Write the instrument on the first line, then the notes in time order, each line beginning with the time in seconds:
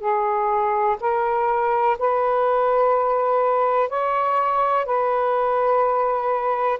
saxophone
0.00 G#4
1.00 A#4
1.99 B4
3.89 C#5
4.86 B4